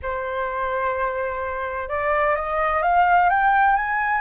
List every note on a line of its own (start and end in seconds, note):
0.02 1.88 C5
1.88 2.35 D5
2.35 2.82 D#5
2.82 3.29 F5
3.29 3.76 G5
3.76 4.21 G#5